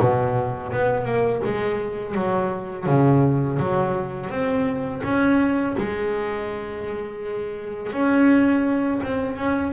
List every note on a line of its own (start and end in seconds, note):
0.00 0.72 B2
0.73 1.05 B3
1.05 1.41 A#3
1.45 2.15 G#3
2.15 2.87 F#3
2.87 3.59 C#3
3.59 4.30 F#3
4.30 5.02 C4
5.04 5.76 C#4
5.78 7.93 G#3
7.93 9.01 C#4
9.04 9.37 C4
9.37 9.73 C#4